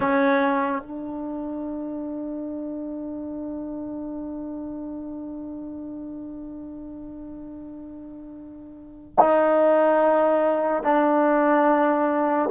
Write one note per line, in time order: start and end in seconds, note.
0.00 0.81 C#4
0.81 9.15 D4
9.18 10.83 D#4
10.83 12.49 D4